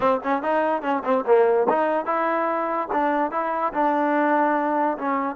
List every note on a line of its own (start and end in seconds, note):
0.00 0.20 C4
0.23 0.42 C#4
0.42 0.82 D#4
0.82 1.02 C#4
1.04 1.25 C4
1.26 1.67 A#3
1.69 2.05 D#4
2.05 2.88 E4
2.92 3.31 D4
3.31 3.72 E4
3.73 4.97 D4
4.97 5.36 C#4